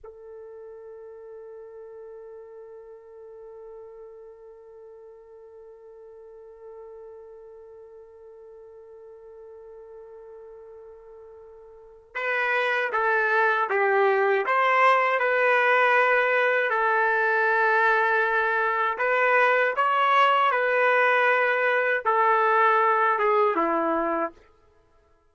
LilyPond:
\new Staff \with { instrumentName = "trumpet" } { \time 4/4 \tempo 4 = 79 a'1~ | a'1~ | a'1~ | a'1 |
b'4 a'4 g'4 c''4 | b'2 a'2~ | a'4 b'4 cis''4 b'4~ | b'4 a'4. gis'8 e'4 | }